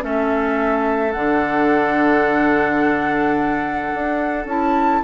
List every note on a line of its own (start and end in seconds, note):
0.00 1.14 A3
0.00 1.11 C#4
0.00 5.03 A4
0.00 1.12 E5
1.12 3.92 D3
1.12 4.48 D4
1.12 4.45 F#5
3.94 4.45 D4
4.45 5.00 C#4
4.45 5.03 E4
4.45 5.03 A5